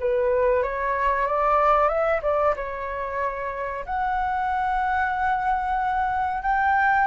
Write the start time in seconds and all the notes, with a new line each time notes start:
0.00 B4
0.63 C#5
1.27 D5
1.89 E5
2.23 D5
2.56 C#5
3.86 F#5
6.43 G5